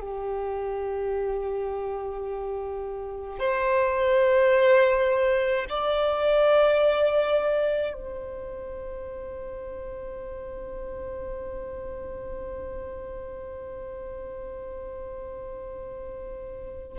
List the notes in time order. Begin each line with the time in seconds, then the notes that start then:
0.00 G4
3.39 C5
5.69 D5
7.93 C5